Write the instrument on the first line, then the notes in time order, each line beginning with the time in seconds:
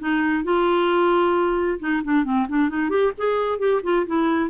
clarinet
0.00 D#4
0.44 F4
1.80 D#4
2.04 D4
2.25 C4
2.49 D4
2.70 D#4
2.90 G4
3.18 G#4
3.59 G4
3.84 F4
4.07 E4